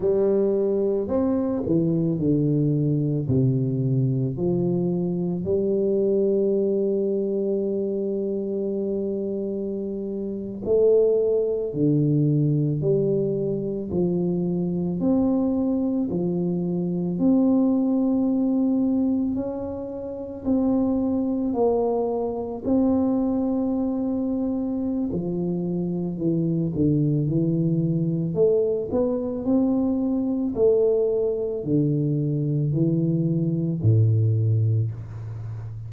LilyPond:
\new Staff \with { instrumentName = "tuba" } { \time 4/4 \tempo 4 = 55 g4 c'8 e8 d4 c4 | f4 g2.~ | g4.~ g16 a4 d4 g16~ | g8. f4 c'4 f4 c'16~ |
c'4.~ c'16 cis'4 c'4 ais16~ | ais8. c'2~ c'16 f4 | e8 d8 e4 a8 b8 c'4 | a4 d4 e4 a,4 | }